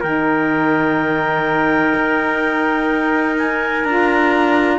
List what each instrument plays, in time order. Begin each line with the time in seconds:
0.00 cello D#3, saxophone D#4, trumpet A#4, clarinet G5
1.94 cello D#4
3.37 clarinet G#5
3.84 cello D4, saxophone F4, clarinet A#5